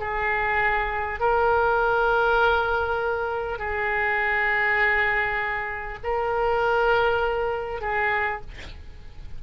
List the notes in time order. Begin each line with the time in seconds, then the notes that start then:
0.00 G#4
1.20 A#4
3.59 G#4
6.04 A#4
7.82 G#4